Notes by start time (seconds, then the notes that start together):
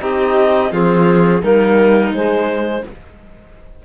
0.00 C4 D#4 G4 D#5
0.71 F3 C4 F4 G#4
1.42 G3 A#3 D#4 A#4
2.12 G#3 C5